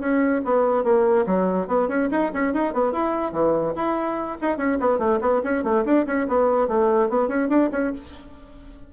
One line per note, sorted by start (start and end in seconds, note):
0.00 0.42 C#4
0.45 0.84 B3
0.84 1.26 A#3
1.27 1.67 F#3
1.67 1.88 B3
1.89 2.09 C#4
2.11 2.32 D#4
2.34 2.54 C#4
2.54 2.73 D#4
2.73 2.92 B3
2.92 3.32 E4
3.32 3.74 E3
3.76 4.38 E4
4.42 4.58 D#4
4.58 4.78 C#4
4.80 4.99 B3
4.99 5.20 A3
5.21 5.42 B3
5.44 5.64 C#4
5.64 5.85 A3
5.85 6.06 D4
6.07 6.28 C#4
6.28 6.68 B3
6.68 7.10 A3
7.10 7.28 B3
7.28 7.49 C#4
7.49 7.70 D4
7.73 7.93 C#4